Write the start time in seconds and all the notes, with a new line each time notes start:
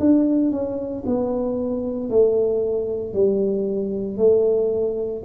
0.00 D4
0.51 C#4
1.06 B3
2.10 A3
3.14 G3
4.17 A3